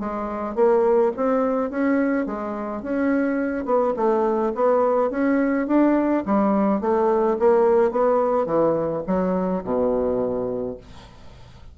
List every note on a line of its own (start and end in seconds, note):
0.00 0.56 G#3
0.56 1.12 A#3
1.17 1.71 C4
1.71 2.26 C#4
2.26 2.83 G#3
2.83 3.66 C#4
3.66 3.94 B3
3.96 4.53 A3
4.55 5.11 B3
5.11 5.67 C#4
5.68 6.24 D4
6.26 6.81 G3
6.81 7.38 A3
7.39 7.91 A#3
7.91 8.46 B3
8.46 9.03 E3
9.07 9.64 F#3
9.64 10.78 B2